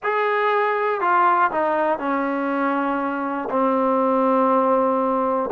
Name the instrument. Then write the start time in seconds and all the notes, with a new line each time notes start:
trombone
0.03 G#4
1.00 F4
1.51 D#4
1.99 C#4
3.50 C4